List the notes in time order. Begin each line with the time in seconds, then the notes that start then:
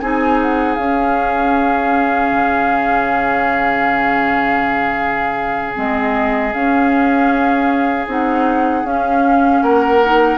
0.00 C4 D#4 G#4 G#5
0.42 F#5
0.75 C#4 F5
0.82 C#4
2.32 C#3
5.76 G#3 C4 D#5
6.54 C#4 F5
8.07 C4 D#4 F#5
8.84 C#4 F5
9.62 A#3 A#4 F#5
10.05 D#4